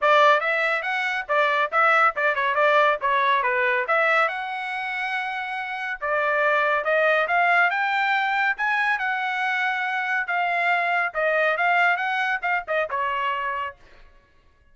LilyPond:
\new Staff \with { instrumentName = "trumpet" } { \time 4/4 \tempo 4 = 140 d''4 e''4 fis''4 d''4 | e''4 d''8 cis''8 d''4 cis''4 | b'4 e''4 fis''2~ | fis''2 d''2 |
dis''4 f''4 g''2 | gis''4 fis''2. | f''2 dis''4 f''4 | fis''4 f''8 dis''8 cis''2 | }